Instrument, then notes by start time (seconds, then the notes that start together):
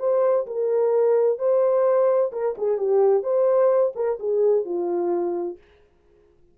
horn
0.00 C5
0.47 A#4
1.39 C5
2.33 A#4
2.58 G#4
2.78 G4
3.23 C5
3.96 A#4
4.20 G#4
4.65 F4